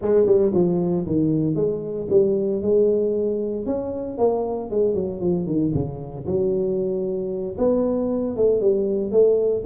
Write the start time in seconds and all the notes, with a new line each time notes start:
0.01 G#3
0.26 G3
0.54 F3
1.06 D#3
1.55 G#3
2.10 G3
2.61 G#3
3.65 C#4
4.18 A#3
4.70 G#3
4.94 F#3
5.20 F3
5.46 D#3
5.74 C#3
6.26 F#3
7.58 B3
8.36 A3
8.61 G3
9.11 A3